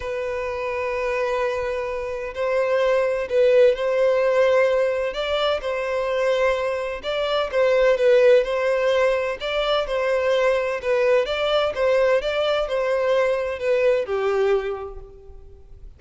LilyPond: \new Staff \with { instrumentName = "violin" } { \time 4/4 \tempo 4 = 128 b'1~ | b'4 c''2 b'4 | c''2. d''4 | c''2. d''4 |
c''4 b'4 c''2 | d''4 c''2 b'4 | d''4 c''4 d''4 c''4~ | c''4 b'4 g'2 | }